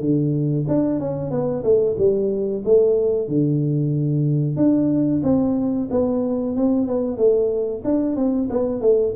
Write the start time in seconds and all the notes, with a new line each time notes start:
0.00 D3
0.68 D4
0.99 C#4
1.30 B3
1.63 A3
1.97 G3
2.64 A3
3.28 D3
4.56 D4
5.23 C4
5.90 B3
6.56 C4
6.87 B3
7.17 A3
7.84 D4
8.16 C4
8.50 B3
8.81 A3